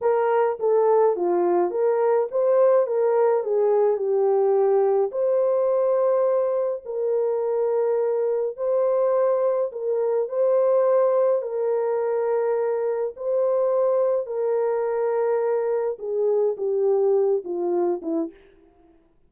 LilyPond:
\new Staff \with { instrumentName = "horn" } { \time 4/4 \tempo 4 = 105 ais'4 a'4 f'4 ais'4 | c''4 ais'4 gis'4 g'4~ | g'4 c''2. | ais'2. c''4~ |
c''4 ais'4 c''2 | ais'2. c''4~ | c''4 ais'2. | gis'4 g'4. f'4 e'8 | }